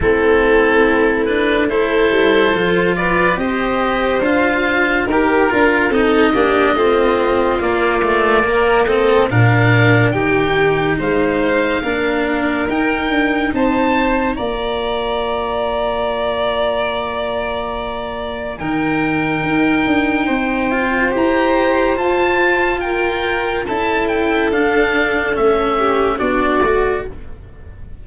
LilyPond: <<
  \new Staff \with { instrumentName = "oboe" } { \time 4/4 \tempo 4 = 71 a'4. b'8 c''4. d''8 | dis''4 f''4 ais'4 dis''4~ | dis''4 d''4. dis''8 f''4 | g''4 f''2 g''4 |
a''4 ais''2.~ | ais''2 g''2~ | g''4 ais''4 a''4 g''4 | a''8 g''8 f''4 e''4 d''4 | }
  \new Staff \with { instrumentName = "violin" } { \time 4/4 e'2 a'4. b'8 | c''2 ais'4 a'8 g'8 | f'2 ais'8 a'8 ais'4 | g'4 c''4 ais'2 |
c''4 d''2.~ | d''2 ais'2 | c''2. ais'4 | a'2~ a'8 g'8 fis'4 | }
  \new Staff \with { instrumentName = "cello" } { \time 4/4 c'4. d'8 e'4 f'4 | g'4 f'4 g'8 f'8 dis'8 d'8 | c'4 ais8 a8 ais8 c'8 d'4 | dis'2 d'4 dis'4~ |
dis'4 f'2.~ | f'2 dis'2~ | dis'8 f'8 g'4 f'2 | e'4 d'4 cis'4 d'8 fis'8 | }
  \new Staff \with { instrumentName = "tuba" } { \time 4/4 a2~ a8 g8 f4 | c'4 d'4 dis'8 d'8 c'8 ais8 | a4 ais2 ais,4 | dis4 gis4 ais4 dis'8 d'8 |
c'4 ais2.~ | ais2 dis4 dis'8 d'8 | c'4 e'4 f'2 | cis'4 d'4 a4 b8 a8 | }
>>